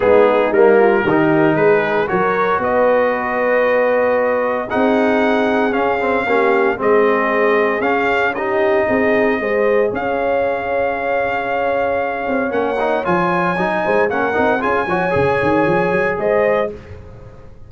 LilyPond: <<
  \new Staff \with { instrumentName = "trumpet" } { \time 4/4 \tempo 4 = 115 gis'4 ais'2 b'4 | cis''4 dis''2.~ | dis''4 fis''2 f''4~ | f''4 dis''2 f''4 |
dis''2. f''4~ | f''1 | fis''4 gis''2 fis''4 | gis''2. dis''4 | }
  \new Staff \with { instrumentName = "horn" } { \time 4/4 dis'4. f'8 g'4 gis'4 | ais'4 b'2.~ | b'4 gis'2. | g'4 gis'2. |
g'4 gis'4 c''4 cis''4~ | cis''1~ | cis''2~ cis''8 c''8 ais'4 | gis'8 cis''2~ cis''8 c''4 | }
  \new Staff \with { instrumentName = "trombone" } { \time 4/4 b4 ais4 dis'2 | fis'1~ | fis'4 dis'2 cis'8 c'8 | cis'4 c'2 cis'4 |
dis'2 gis'2~ | gis'1 | cis'8 dis'8 f'4 dis'4 cis'8 dis'8 | f'8 fis'8 gis'2. | }
  \new Staff \with { instrumentName = "tuba" } { \time 4/4 gis4 g4 dis4 gis4 | fis4 b2.~ | b4 c'2 cis'4 | ais4 gis2 cis'4~ |
cis'4 c'4 gis4 cis'4~ | cis'2.~ cis'8 c'8 | ais4 f4 fis8 gis8 ais8 c'8 | cis'8 f8 cis8 dis8 f8 fis8 gis4 | }
>>